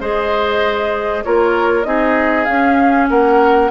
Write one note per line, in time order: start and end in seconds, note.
0.00 1.24 G#3
0.00 1.24 G#4
0.00 1.24 C5
0.00 1.24 D#5
1.24 1.85 A#3
1.24 1.84 F4
1.24 1.87 A#4
1.24 1.83 C#5
1.83 2.47 C4
1.83 2.46 D#4
1.83 3.10 G#4
1.83 2.45 D#5
2.45 3.10 C#4
2.45 3.71 C#4
2.45 3.06 F5
3.10 3.71 A#3
3.10 3.71 A#4
3.10 3.71 F#5